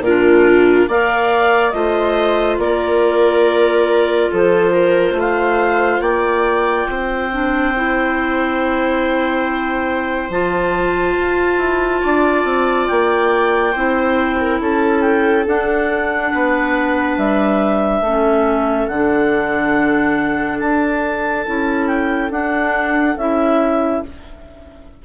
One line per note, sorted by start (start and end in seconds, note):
0.00 0.86 A#2
0.00 0.89 F4
0.00 0.90 A#4
0.07 0.91 D4
0.89 1.74 A#3
0.89 1.73 A#4
0.89 1.74 D5
0.89 1.71 F5
1.71 2.58 A3
1.71 7.30 F4
1.71 2.61 C5
1.71 2.57 D#5
2.58 4.30 A#3
2.58 4.32 A#4
2.58 4.32 D5
4.32 5.13 F3
4.32 4.72 A4
4.32 5.20 C5
4.72 5.15 A#4
5.13 5.99 A3
5.20 6.02 C5
5.20 6.02 F5
6.01 6.87 A#3
6.01 6.88 D5
6.01 10.30 G5
6.89 10.30 C4
6.89 12.02 C5
7.32 7.74 D4
7.76 10.31 E4
10.30 11.16 F3
10.30 13.74 F4
10.30 12.88 A5
11.18 11.58 F4
11.58 12.01 E4
12.02 12.45 D4
12.02 13.73 D5
12.45 12.88 C4
12.88 13.75 A#3
12.88 14.59 G5
13.73 14.61 C4
13.73 15.46 E4
13.73 14.37 C5
14.40 14.61 A#4
14.61 15.46 C#4
14.61 16.32 A4
14.61 15.02 A5
15.02 15.44 G5
15.46 18.04 D4
15.46 16.33 D4
15.46 17.18 F#5
16.32 17.18 B3
16.32 18.04 B4
17.18 18.01 G3
17.18 18.88 E5
18.01 18.87 A3
18.01 18.92 C#4
18.01 24.04 A4
18.88 20.61 D3
18.88 21.46 D4
18.88 20.59 F#5
20.60 21.47 D4
20.60 21.87 A5
21.46 22.31 C#4
21.46 22.31 E4
21.87 22.30 G5
22.31 23.16 D4
22.31 23.17 D4
22.31 23.18 F#5
23.17 24.02 C#4
23.17 24.05 E4
23.17 24.03 E5